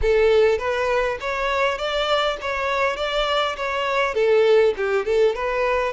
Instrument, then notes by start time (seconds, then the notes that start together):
violin
0.01 A4
0.58 B4
1.20 C#5
1.77 D5
2.41 C#5
2.96 D5
3.56 C#5
4.14 A4
4.76 G4
5.05 A4
5.35 B4